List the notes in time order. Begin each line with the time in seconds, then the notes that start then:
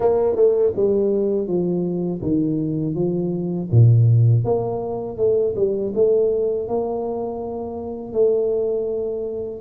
0.00 A#3
0.35 A3
0.75 G3
1.47 F3
2.21 D#3
2.94 F3
3.71 A#2
4.44 A#3
5.17 A3
5.55 G3
5.95 A3
6.68 A#3
8.12 A3